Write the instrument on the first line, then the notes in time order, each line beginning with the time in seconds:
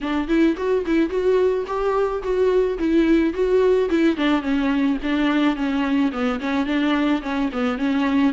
viola
0.01 D4
0.28 E4
0.57 F#4
0.86 E4
1.09 F#4
1.67 G4
2.22 F#4
2.78 E4
3.33 F#4
3.89 E4
4.16 D4
4.41 C#4
5.03 D4
5.56 C#4
6.12 B3
6.40 C#4
6.66 D4
7.22 C#4
7.52 B3
7.78 C#4